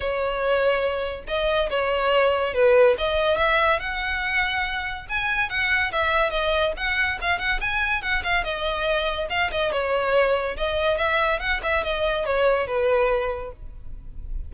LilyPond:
\new Staff \with { instrumentName = "violin" } { \time 4/4 \tempo 4 = 142 cis''2. dis''4 | cis''2 b'4 dis''4 | e''4 fis''2. | gis''4 fis''4 e''4 dis''4 |
fis''4 f''8 fis''8 gis''4 fis''8 f''8 | dis''2 f''8 dis''8 cis''4~ | cis''4 dis''4 e''4 fis''8 e''8 | dis''4 cis''4 b'2 | }